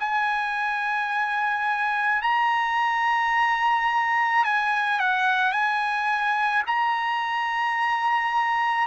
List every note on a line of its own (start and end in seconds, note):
0.00 2.22 G#5
2.22 4.44 A#5
4.45 5.00 G#5
5.00 5.52 F#5
5.52 6.63 G#5
6.67 8.87 A#5